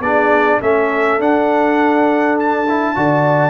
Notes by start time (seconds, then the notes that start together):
0.00 B3 D4 G#4 D5
0.60 A3 C#4 A4 E5
1.19 D4 F#5
2.39 A5
2.69 E4
2.95 D3 F#4 D5